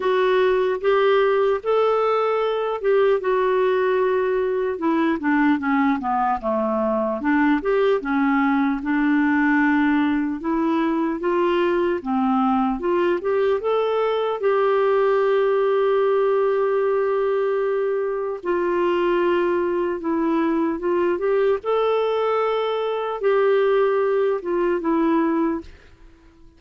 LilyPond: \new Staff \with { instrumentName = "clarinet" } { \time 4/4 \tempo 4 = 75 fis'4 g'4 a'4. g'8 | fis'2 e'8 d'8 cis'8 b8 | a4 d'8 g'8 cis'4 d'4~ | d'4 e'4 f'4 c'4 |
f'8 g'8 a'4 g'2~ | g'2. f'4~ | f'4 e'4 f'8 g'8 a'4~ | a'4 g'4. f'8 e'4 | }